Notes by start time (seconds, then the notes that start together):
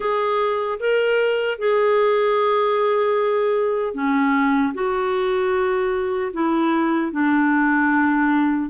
0.00 G#4
0.79 A#4
1.58 G#4
3.94 C#4
4.74 F#4
6.33 E4
7.12 D4